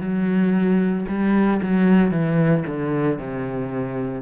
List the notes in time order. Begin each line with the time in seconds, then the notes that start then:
0.00 F#3
1.08 G3
1.62 F#3
2.11 E3
2.66 D3
3.18 C3